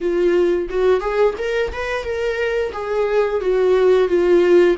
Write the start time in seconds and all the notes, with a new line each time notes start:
0.00 F4
0.69 F#4
1.00 G#4
1.38 A#4
1.72 B4
2.04 A#4
2.72 G#4
3.41 F#4
4.08 F4